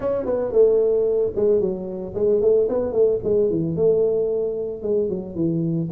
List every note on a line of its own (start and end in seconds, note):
0.00 0.25 C#4
0.25 0.52 B3
0.52 1.32 A3
1.35 1.60 G#3
1.60 2.14 F#3
2.14 2.41 G#3
2.41 2.68 A3
2.68 2.92 B3
2.92 3.19 A3
3.23 3.50 G#3
3.50 3.75 E3
3.75 4.82 A3
4.82 5.09 G#3
5.09 5.35 F#3
5.35 5.88 E3